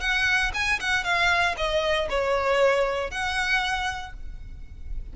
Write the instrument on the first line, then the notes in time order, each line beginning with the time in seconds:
violin
0.00 F#5
0.54 G#5
0.79 F#5
1.04 F5
1.57 D#5
2.09 C#5
3.10 F#5